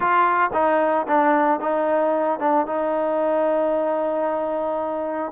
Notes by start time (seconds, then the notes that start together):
0.00 F4
0.53 D#4
1.07 D4
1.60 D#4
2.39 D4
2.66 D#4